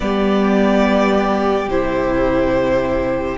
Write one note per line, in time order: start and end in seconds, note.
0.00 1.67 G3
0.00 1.67 B3
0.00 3.37 G4
0.00 1.69 D5
1.67 3.36 C3
1.67 3.37 E4
1.67 3.37 C5